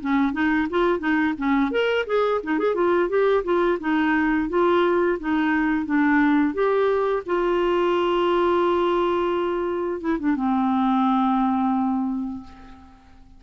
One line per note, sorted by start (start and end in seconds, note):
0.00 0.33 C#4
0.33 0.67 D#4
0.70 0.99 F4
0.99 1.34 D#4
1.38 1.71 C#4
1.71 2.05 A#4
2.06 2.41 G#4
2.43 2.59 D#4
2.59 2.75 G#4
2.75 3.09 F4
3.09 3.44 G4
3.44 3.78 F4
3.80 4.49 D#4
4.49 5.18 F4
5.19 5.85 D#4
5.85 6.54 D4
6.54 7.23 G4
7.26 10.01 F4
10.01 10.18 E4
10.19 10.36 D4
10.36 12.43 C4